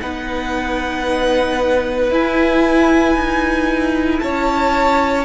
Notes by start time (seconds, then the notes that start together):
0.00 B3 D#4 B4 F#5
2.09 E4 G#5
3.15 D#4
4.19 C#4 C#5 A5